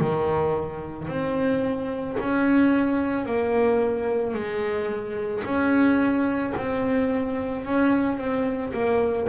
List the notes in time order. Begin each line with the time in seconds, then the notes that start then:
0.00 D#3
1.08 C4
2.20 C#4
3.26 A#3
4.34 G#3
5.44 C#4
6.57 C4
7.66 C#4
8.18 C4
8.73 A#3